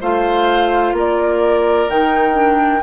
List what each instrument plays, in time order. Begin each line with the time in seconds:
0.00 bassoon A3, clarinet F4, oboe C5, flute F5
0.92 bassoon A#3, oboe A#4, flute D5
1.88 bassoon D#3, clarinet D#4, flute G5
2.33 clarinet D4